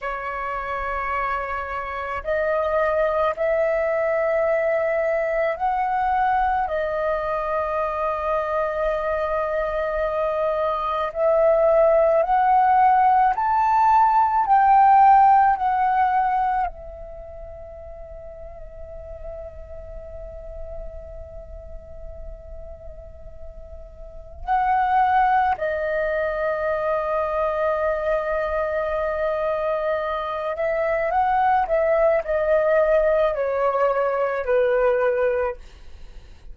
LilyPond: \new Staff \with { instrumentName = "flute" } { \time 4/4 \tempo 4 = 54 cis''2 dis''4 e''4~ | e''4 fis''4 dis''2~ | dis''2 e''4 fis''4 | a''4 g''4 fis''4 e''4~ |
e''1~ | e''2 fis''4 dis''4~ | dis''2.~ dis''8 e''8 | fis''8 e''8 dis''4 cis''4 b'4 | }